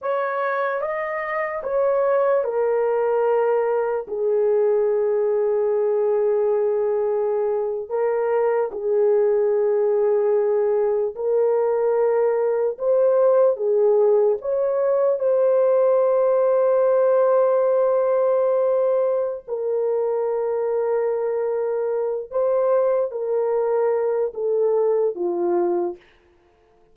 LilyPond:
\new Staff \with { instrumentName = "horn" } { \time 4/4 \tempo 4 = 74 cis''4 dis''4 cis''4 ais'4~ | ais'4 gis'2.~ | gis'4.~ gis'16 ais'4 gis'4~ gis'16~ | gis'4.~ gis'16 ais'2 c''16~ |
c''8. gis'4 cis''4 c''4~ c''16~ | c''1 | ais'2.~ ais'8 c''8~ | c''8 ais'4. a'4 f'4 | }